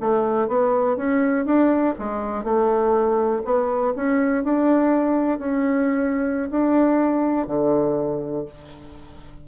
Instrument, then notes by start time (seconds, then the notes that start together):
bassoon
0.00 A3
0.48 B3
0.97 C#4
1.45 D4
1.98 G#3
2.44 A3
3.44 B3
3.95 C#4
4.44 D4
5.39 C#4
6.51 D4
7.47 D3